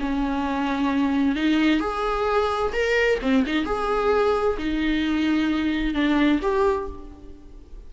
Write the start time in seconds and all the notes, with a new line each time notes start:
0.00 C#4
1.36 D#4
1.80 G#4
2.73 A#4
3.22 C4
3.46 D#4
3.65 G#4
4.58 D#4
5.94 D4
6.42 G4